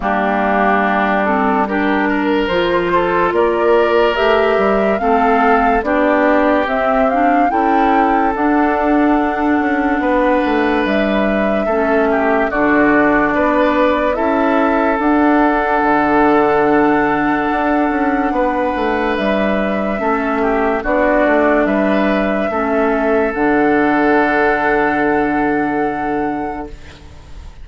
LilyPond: <<
  \new Staff \with { instrumentName = "flute" } { \time 4/4 \tempo 4 = 72 g'4. a'8 ais'4 c''4 | d''4 e''4 f''4 d''4 | e''8 f''8 g''4 fis''2~ | fis''4 e''2 d''4~ |
d''4 e''4 fis''2~ | fis''2. e''4~ | e''4 d''4 e''2 | fis''1 | }
  \new Staff \with { instrumentName = "oboe" } { \time 4/4 d'2 g'8 ais'4 a'8 | ais'2 a'4 g'4~ | g'4 a'2. | b'2 a'8 g'8 fis'4 |
b'4 a'2.~ | a'2 b'2 | a'8 g'8 fis'4 b'4 a'4~ | a'1 | }
  \new Staff \with { instrumentName = "clarinet" } { \time 4/4 ais4. c'8 d'4 f'4~ | f'4 g'4 c'4 d'4 | c'8 d'8 e'4 d'2~ | d'2 cis'4 d'4~ |
d'4 e'4 d'2~ | d'1 | cis'4 d'2 cis'4 | d'1 | }
  \new Staff \with { instrumentName = "bassoon" } { \time 4/4 g2. f4 | ais4 a8 g8 a4 b4 | c'4 cis'4 d'4. cis'8 | b8 a8 g4 a4 d4 |
b4 cis'4 d'4 d4~ | d4 d'8 cis'8 b8 a8 g4 | a4 b8 a8 g4 a4 | d1 | }
>>